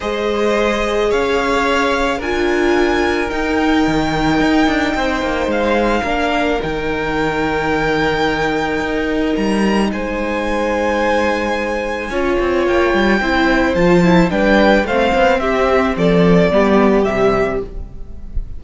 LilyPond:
<<
  \new Staff \with { instrumentName = "violin" } { \time 4/4 \tempo 4 = 109 dis''2 f''2 | gis''2 g''2~ | g''2 f''2 | g''1~ |
g''4 ais''4 gis''2~ | gis''2. g''4~ | g''4 a''4 g''4 f''4 | e''4 d''2 e''4 | }
  \new Staff \with { instrumentName = "violin" } { \time 4/4 c''2 cis''2 | ais'1~ | ais'4 c''2 ais'4~ | ais'1~ |
ais'2 c''2~ | c''2 cis''2 | c''2 b'4 c''4 | g'4 a'4 g'2 | }
  \new Staff \with { instrumentName = "viola" } { \time 4/4 gis'1 | f'2 dis'2~ | dis'2. d'4 | dis'1~ |
dis'1~ | dis'2 f'2 | e'4 f'8 e'8 d'4 c'4~ | c'2 b4 g4 | }
  \new Staff \with { instrumentName = "cello" } { \time 4/4 gis2 cis'2 | d'2 dis'4 dis4 | dis'8 d'8 c'8 ais8 gis4 ais4 | dis1 |
dis'4 g4 gis2~ | gis2 cis'8 c'8 ais8 g8 | c'4 f4 g4 a8 b8 | c'4 f4 g4 c4 | }
>>